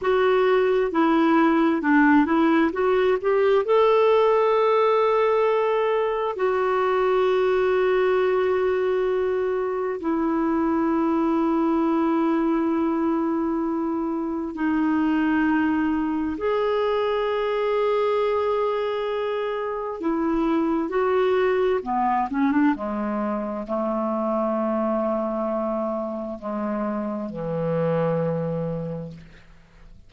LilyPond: \new Staff \with { instrumentName = "clarinet" } { \time 4/4 \tempo 4 = 66 fis'4 e'4 d'8 e'8 fis'8 g'8 | a'2. fis'4~ | fis'2. e'4~ | e'1 |
dis'2 gis'2~ | gis'2 e'4 fis'4 | b8 cis'16 d'16 gis4 a2~ | a4 gis4 e2 | }